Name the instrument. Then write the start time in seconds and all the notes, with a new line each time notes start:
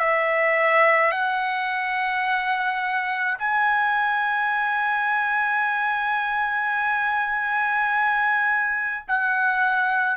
trumpet
0.00 E5
1.12 F#5
3.39 G#5
9.08 F#5